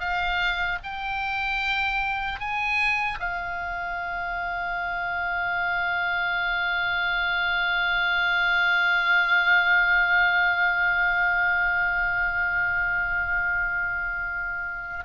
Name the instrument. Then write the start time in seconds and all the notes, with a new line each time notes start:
oboe
0.00 F5
0.84 G5
2.40 G#5
3.20 F5